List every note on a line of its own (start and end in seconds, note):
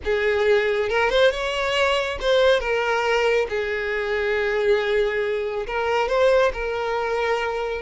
0.04 0.89 G#4
0.89 1.10 A#4
1.10 1.31 C5
1.31 2.18 C#5
2.20 2.59 C5
2.59 3.46 A#4
3.49 5.66 G#4
5.66 6.08 A#4
6.08 6.52 C5
6.53 7.81 A#4